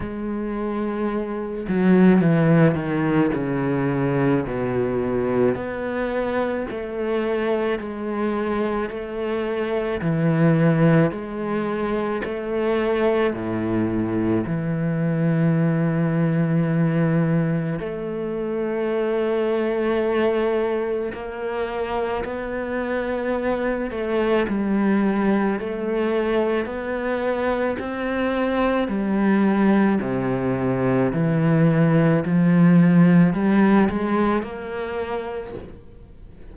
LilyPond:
\new Staff \with { instrumentName = "cello" } { \time 4/4 \tempo 4 = 54 gis4. fis8 e8 dis8 cis4 | b,4 b4 a4 gis4 | a4 e4 gis4 a4 | a,4 e2. |
a2. ais4 | b4. a8 g4 a4 | b4 c'4 g4 c4 | e4 f4 g8 gis8 ais4 | }